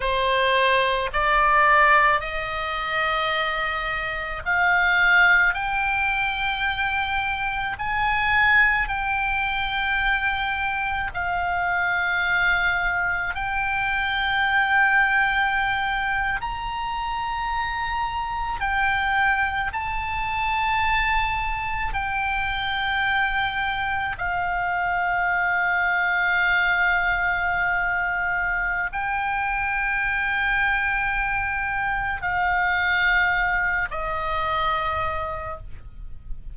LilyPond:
\new Staff \with { instrumentName = "oboe" } { \time 4/4 \tempo 4 = 54 c''4 d''4 dis''2 | f''4 g''2 gis''4 | g''2 f''2 | g''2~ g''8. ais''4~ ais''16~ |
ais''8. g''4 a''2 g''16~ | g''4.~ g''16 f''2~ f''16~ | f''2 g''2~ | g''4 f''4. dis''4. | }